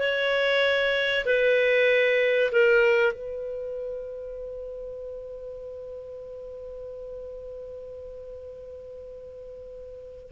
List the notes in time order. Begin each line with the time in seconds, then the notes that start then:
0.00 C#5
1.26 B4
2.52 A#4
3.13 B4